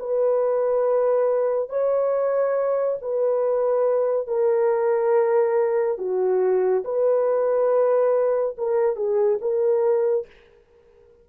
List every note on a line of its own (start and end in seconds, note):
0.00 1.69 B4
1.69 2.98 C#5
3.02 4.28 B4
4.28 5.98 A#4
5.98 6.84 F#4
6.85 8.56 B4
8.58 8.96 A#4
8.96 9.39 G#4
9.42 10.27 A#4